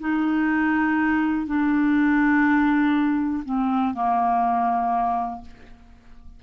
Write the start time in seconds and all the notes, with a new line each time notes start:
0.00 D#4
1.47 D4
3.45 C4
3.94 A#3